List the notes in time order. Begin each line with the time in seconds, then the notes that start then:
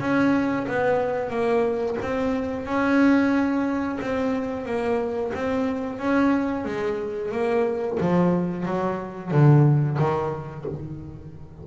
0.00 C#4
0.67 B3
1.30 A#3
2.02 C4
2.66 C#4
4.01 C4
4.65 A#3
5.35 C4
5.99 C#4
6.65 G#3
7.32 A#3
8.00 F3
8.66 F#3
9.31 D3
9.98 D#3